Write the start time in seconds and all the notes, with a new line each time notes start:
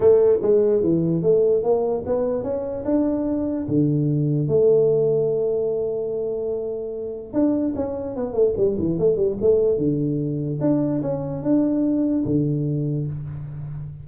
0.00 A3
0.41 G#3
0.83 E3
1.22 A3
1.63 A#3
2.06 B3
2.43 C#4
2.84 D4
3.68 D3
4.48 A3
7.33 D4
7.75 C#4
8.16 B3
8.33 A3
8.57 G3
8.78 E3
8.98 A3
9.16 G3
9.41 A3
9.77 D3
10.60 D4
11.02 C#4
11.42 D4
12.25 D3